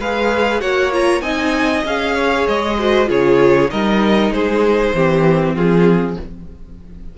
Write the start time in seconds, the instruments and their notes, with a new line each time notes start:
0.00 cello G#3, viola G#4, violin B4 F5
0.61 cello A#3, viola F#4, violin C#5 F#5
0.92 viola F4, violin A#5
1.22 cello C4, viola D#4, violin D#5 G#5
1.85 cello C#4, viola G#4, violin F5
2.15 violin C#5
2.48 cello G#3, violin D#5
2.79 viola F#4, violin C5
3.06 cello C#3, viola F4, violin G#4 C#5
3.70 cello G3, viola D#4, violin A#4 D#5
4.30 cello G#3, violin G#4 C5
4.95 cello E3, viola C4, violin G4
5.55 cello F3, violin F4 G#4